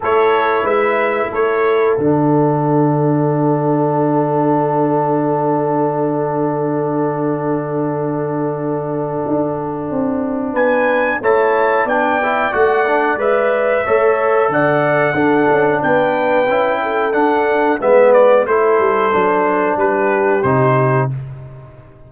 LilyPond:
<<
  \new Staff \with { instrumentName = "trumpet" } { \time 4/4 \tempo 4 = 91 cis''4 e''4 cis''4 fis''4~ | fis''1~ | fis''1~ | fis''1 |
gis''4 a''4 g''4 fis''4 | e''2 fis''2 | g''2 fis''4 e''8 d''8 | c''2 b'4 c''4 | }
  \new Staff \with { instrumentName = "horn" } { \time 4/4 a'4 b'4 a'2~ | a'1~ | a'1~ | a'1 |
b'4 cis''4 d''2~ | d''4 cis''4 d''4 a'4 | b'4. a'4. b'4 | a'2 g'2 | }
  \new Staff \with { instrumentName = "trombone" } { \time 4/4 e'2. d'4~ | d'1~ | d'1~ | d'1~ |
d'4 e'4 d'8 e'8 fis'8 d'8 | b'4 a'2 d'4~ | d'4 e'4 d'4 b4 | e'4 d'2 dis'4 | }
  \new Staff \with { instrumentName = "tuba" } { \time 4/4 a4 gis4 a4 d4~ | d1~ | d1~ | d2 d'4 c'4 |
b4 a4 b4 a4 | gis4 a4 d4 d'8 cis'8 | b4 cis'4 d'4 gis4 | a8 g8 fis4 g4 c4 | }
>>